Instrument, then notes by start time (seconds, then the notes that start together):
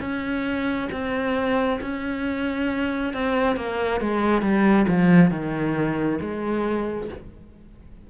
cello
0.00 C#4
0.91 C4
1.81 C#4
3.13 C4
3.56 A#3
4.00 G#3
4.42 G3
4.88 F3
5.30 D#3
6.20 G#3